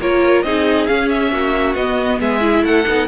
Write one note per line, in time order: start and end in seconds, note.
0.00 0.43 A#3
0.00 0.45 F4
0.00 0.45 A#4
0.00 0.42 C#5
0.42 0.87 C4
0.42 0.88 D#4
0.42 1.32 G#4
0.42 0.86 D#5
0.86 1.76 C#4
0.86 1.31 C#4
0.86 1.08 F5
1.09 1.75 E5
1.31 1.75 A#3
1.31 2.20 F#4
1.75 2.19 B3
1.75 2.40 B3
1.75 2.20 D#5
2.20 2.62 G#3
2.20 2.64 G#4
2.20 2.65 E5
2.40 2.84 E4
2.62 2.84 A3
2.62 3.08 A4
2.62 3.08 F#5
2.86 3.08 B3
2.86 3.08 D#4